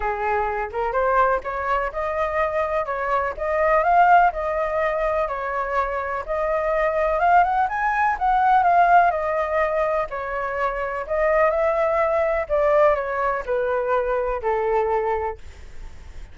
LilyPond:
\new Staff \with { instrumentName = "flute" } { \time 4/4 \tempo 4 = 125 gis'4. ais'8 c''4 cis''4 | dis''2 cis''4 dis''4 | f''4 dis''2 cis''4~ | cis''4 dis''2 f''8 fis''8 |
gis''4 fis''4 f''4 dis''4~ | dis''4 cis''2 dis''4 | e''2 d''4 cis''4 | b'2 a'2 | }